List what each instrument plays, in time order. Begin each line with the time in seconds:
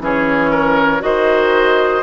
0.00 bassoon E3, clarinet C#4, oboe G#4, flute C#5
0.51 oboe A#4
1.00 bassoon D#3, clarinet F#4, oboe C5, flute D#5